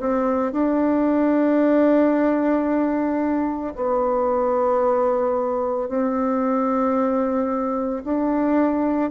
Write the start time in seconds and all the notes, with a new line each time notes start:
0.00 C4
0.53 D4
3.75 B3
5.89 C4
8.04 D4